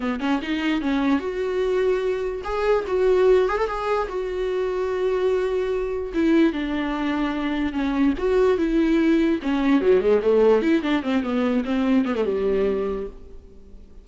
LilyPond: \new Staff \with { instrumentName = "viola" } { \time 4/4 \tempo 4 = 147 b8 cis'8 dis'4 cis'4 fis'4~ | fis'2 gis'4 fis'4~ | fis'8 gis'16 a'16 gis'4 fis'2~ | fis'2. e'4 |
d'2. cis'4 | fis'4 e'2 cis'4 | fis8 gis8 a4 e'8 d'8 c'8 b8~ | b8 c'4 b16 a16 g2 | }